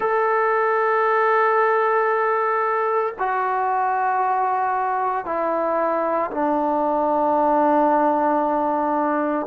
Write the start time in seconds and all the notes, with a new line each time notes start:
0.00 A4
3.19 F#4
5.25 E4
6.30 D4